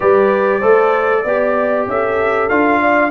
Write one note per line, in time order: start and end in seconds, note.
0.00 0.62 G3
0.00 0.61 G4
0.00 0.59 B4
0.00 1.87 D5
0.59 1.24 A3
0.59 1.24 A4
0.59 1.21 C5
1.24 1.87 B3
1.24 2.50 G4
1.24 1.86 D5
1.87 2.49 C#4
1.87 2.80 A4
1.87 2.48 E5
2.48 3.10 D4
2.48 3.10 F4
2.48 3.10 F5
2.80 3.10 D5